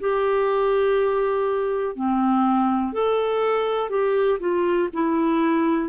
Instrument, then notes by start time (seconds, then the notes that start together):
clarinet
0.00 G4
1.96 C4
2.93 A4
3.90 G4
4.39 F4
4.94 E4